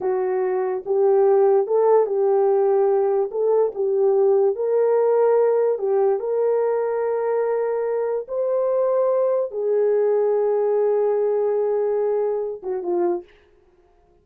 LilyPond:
\new Staff \with { instrumentName = "horn" } { \time 4/4 \tempo 4 = 145 fis'2 g'2 | a'4 g'2. | a'4 g'2 ais'4~ | ais'2 g'4 ais'4~ |
ais'1 | c''2. gis'4~ | gis'1~ | gis'2~ gis'8 fis'8 f'4 | }